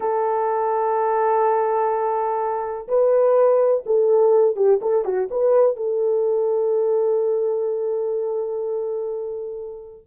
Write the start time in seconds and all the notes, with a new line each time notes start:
0.00 A4
2.88 B4
3.86 A4
4.56 G4
4.81 A4
5.04 F#4
5.30 B4
5.76 A4